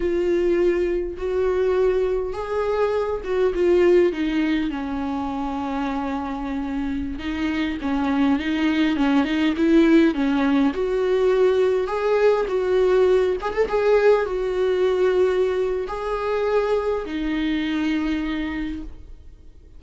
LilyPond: \new Staff \with { instrumentName = "viola" } { \time 4/4 \tempo 4 = 102 f'2 fis'2 | gis'4. fis'8 f'4 dis'4 | cis'1~ | cis'16 dis'4 cis'4 dis'4 cis'8 dis'16~ |
dis'16 e'4 cis'4 fis'4.~ fis'16~ | fis'16 gis'4 fis'4. gis'16 a'16 gis'8.~ | gis'16 fis'2~ fis'8. gis'4~ | gis'4 dis'2. | }